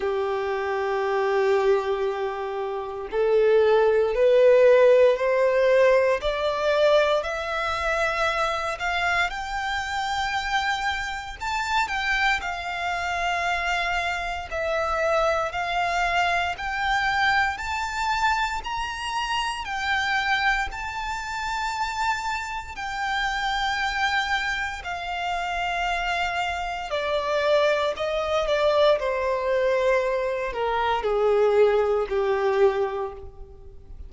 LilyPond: \new Staff \with { instrumentName = "violin" } { \time 4/4 \tempo 4 = 58 g'2. a'4 | b'4 c''4 d''4 e''4~ | e''8 f''8 g''2 a''8 g''8 | f''2 e''4 f''4 |
g''4 a''4 ais''4 g''4 | a''2 g''2 | f''2 d''4 dis''8 d''8 | c''4. ais'8 gis'4 g'4 | }